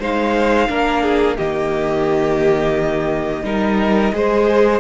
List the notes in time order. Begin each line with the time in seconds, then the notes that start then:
0.00 G#3 D#4 C5 F5
0.69 A#3 D4 A#4
1.03 G#4
1.37 D#3 A#3 G4 D#5
3.43 G3 D#4 A#4
4.13 G#3 G#4 C5